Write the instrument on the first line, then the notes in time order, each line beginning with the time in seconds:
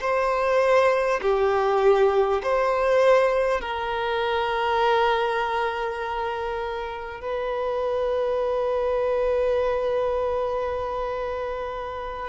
violin
0.00 C5
1.21 G4
2.43 C5
3.60 A#4
7.20 B4